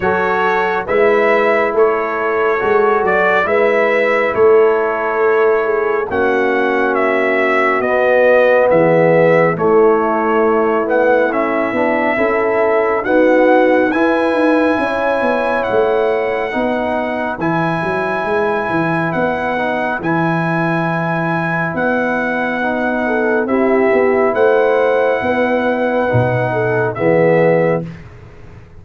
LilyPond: <<
  \new Staff \with { instrumentName = "trumpet" } { \time 4/4 \tempo 4 = 69 cis''4 e''4 cis''4. d''8 | e''4 cis''2 fis''4 | e''4 dis''4 e''4 cis''4~ | cis''8 fis''8 e''2 fis''4 |
gis''2 fis''2 | gis''2 fis''4 gis''4~ | gis''4 fis''2 e''4 | fis''2. e''4 | }
  \new Staff \with { instrumentName = "horn" } { \time 4/4 a'4 b'4 a'2 | b'4 a'4. gis'8 fis'4~ | fis'2 gis'4 e'4~ | e'2 a'4 fis'4 |
b'4 cis''2 b'4~ | b'1~ | b'2~ b'8 a'8 g'4 | c''4 b'4. a'8 gis'4 | }
  \new Staff \with { instrumentName = "trombone" } { \time 4/4 fis'4 e'2 fis'4 | e'2. cis'4~ | cis'4 b2 a4~ | a8 b8 cis'8 d'8 e'4 b4 |
e'2. dis'4 | e'2~ e'8 dis'8 e'4~ | e'2 dis'4 e'4~ | e'2 dis'4 b4 | }
  \new Staff \with { instrumentName = "tuba" } { \time 4/4 fis4 gis4 a4 gis8 fis8 | gis4 a2 ais4~ | ais4 b4 e4 a4~ | a4. b8 cis'4 dis'4 |
e'8 dis'8 cis'8 b8 a4 b4 | e8 fis8 gis8 e8 b4 e4~ | e4 b2 c'8 b8 | a4 b4 b,4 e4 | }
>>